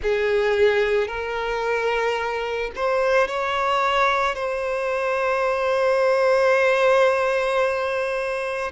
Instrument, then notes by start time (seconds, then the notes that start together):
violin
0.02 G#4
1.07 A#4
2.75 C5
3.27 C#5
4.35 C5